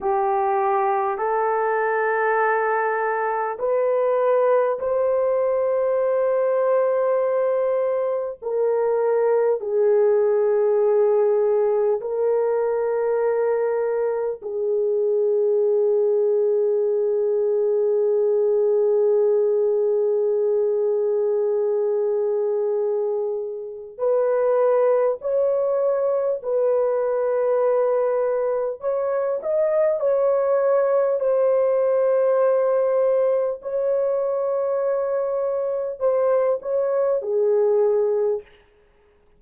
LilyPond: \new Staff \with { instrumentName = "horn" } { \time 4/4 \tempo 4 = 50 g'4 a'2 b'4 | c''2. ais'4 | gis'2 ais'2 | gis'1~ |
gis'1 | b'4 cis''4 b'2 | cis''8 dis''8 cis''4 c''2 | cis''2 c''8 cis''8 gis'4 | }